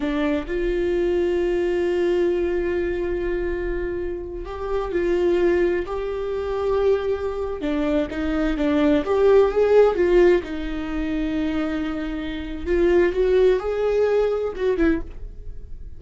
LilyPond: \new Staff \with { instrumentName = "viola" } { \time 4/4 \tempo 4 = 128 d'4 f'2.~ | f'1~ | f'4. g'4 f'4.~ | f'8 g'2.~ g'8~ |
g'16 d'4 dis'4 d'4 g'8.~ | g'16 gis'4 f'4 dis'4.~ dis'16~ | dis'2. f'4 | fis'4 gis'2 fis'8 e'8 | }